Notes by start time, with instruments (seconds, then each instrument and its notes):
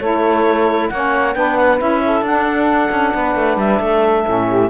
0.00 cello A3, saxophone E4 A4, clarinet C#5
0.89 cello A#3, saxophone C#4 C#5, clarinet F#5
1.33 cello B3, saxophone D4 B4, clarinet G5
1.56 clarinet F#5
1.79 cello C#4, saxophone E4, clarinet E5
2.05 saxophone A4
2.21 cello D4, saxophone D4, clarinet F#5
2.91 cello C#4
3.14 cello B3, saxophone B4
3.35 cello A3
3.57 cello G3, clarinet E5
3.80 cello A3, saxophone A4
4.25 cello A2, saxophone C#4
4.48 saxophone G4